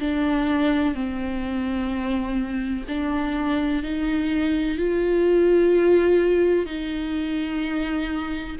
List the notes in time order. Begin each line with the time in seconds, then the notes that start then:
0.00 D4
0.95 C4
2.88 D4
3.83 D#4
4.78 F4
6.66 D#4